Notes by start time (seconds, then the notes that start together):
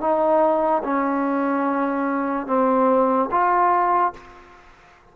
0.00 D#4
0.84 C#4
2.47 C4
3.31 F4